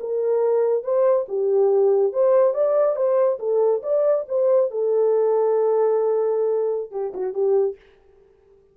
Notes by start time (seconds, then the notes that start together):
0.00 A#4
0.84 C5
1.28 G4
2.13 C5
2.54 D5
2.96 C5
3.39 A4
3.83 D5
4.28 C5
4.71 A4
6.91 G4
7.14 F#4
7.34 G4